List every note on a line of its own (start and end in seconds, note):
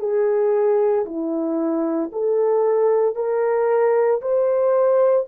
0.00 1.05 G#4
1.06 2.11 E4
2.13 3.16 A4
3.16 4.22 A#4
4.22 5.27 C5